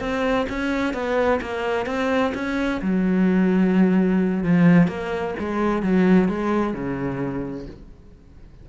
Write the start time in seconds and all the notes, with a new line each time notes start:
0.00 C4
0.49 C#4
0.93 B3
1.41 A#3
1.86 C4
2.34 C#4
2.82 F#3
4.44 F3
4.88 A#3
5.39 G#3
5.82 F#3
6.28 G#3
6.73 C#3